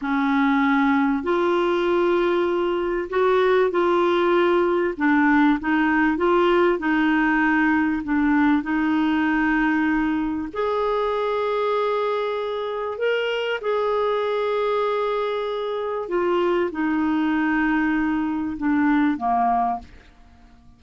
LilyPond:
\new Staff \with { instrumentName = "clarinet" } { \time 4/4 \tempo 4 = 97 cis'2 f'2~ | f'4 fis'4 f'2 | d'4 dis'4 f'4 dis'4~ | dis'4 d'4 dis'2~ |
dis'4 gis'2.~ | gis'4 ais'4 gis'2~ | gis'2 f'4 dis'4~ | dis'2 d'4 ais4 | }